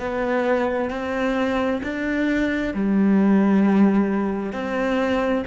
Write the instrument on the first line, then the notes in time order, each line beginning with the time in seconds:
cello
0.00 B3
0.90 C4
1.83 D4
2.74 G3
4.53 C4